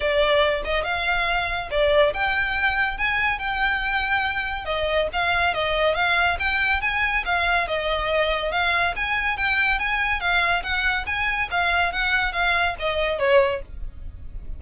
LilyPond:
\new Staff \with { instrumentName = "violin" } { \time 4/4 \tempo 4 = 141 d''4. dis''8 f''2 | d''4 g''2 gis''4 | g''2. dis''4 | f''4 dis''4 f''4 g''4 |
gis''4 f''4 dis''2 | f''4 gis''4 g''4 gis''4 | f''4 fis''4 gis''4 f''4 | fis''4 f''4 dis''4 cis''4 | }